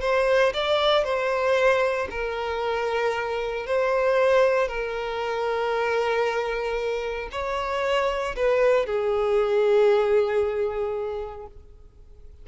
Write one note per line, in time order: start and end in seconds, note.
0.00 0.52 C5
0.53 1.03 D5
1.03 2.08 C5
2.10 3.66 A#4
3.66 4.68 C5
4.68 7.29 A#4
7.31 8.35 C#5
8.36 8.86 B4
8.86 11.46 G#4